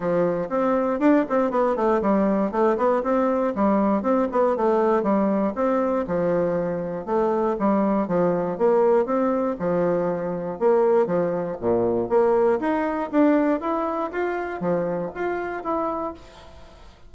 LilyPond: \new Staff \with { instrumentName = "bassoon" } { \time 4/4 \tempo 4 = 119 f4 c'4 d'8 c'8 b8 a8 | g4 a8 b8 c'4 g4 | c'8 b8 a4 g4 c'4 | f2 a4 g4 |
f4 ais4 c'4 f4~ | f4 ais4 f4 ais,4 | ais4 dis'4 d'4 e'4 | f'4 f4 f'4 e'4 | }